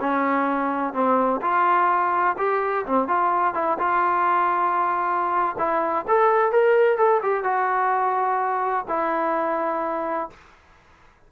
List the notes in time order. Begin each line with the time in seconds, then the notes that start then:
0.00 C#4
0.93 C4
1.41 F4
2.38 G4
2.86 C4
3.07 F4
3.54 E4
3.78 F4
5.58 E4
6.08 A4
6.52 A#4
6.97 A4
7.22 G4
7.43 F#4
8.88 E4